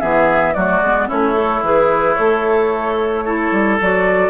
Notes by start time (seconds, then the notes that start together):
0.00 E3 B3 G#4 E5
0.54 F#3 A3 F#4 D5
0.81 G#3 B3
1.08 A3 C#4 E4 C#5
1.34 A4
1.62 E3 G#4 B4
2.15 A3 A4 C#5
3.25 E4 A4
3.52 G3
3.81 F#3 F#4 D5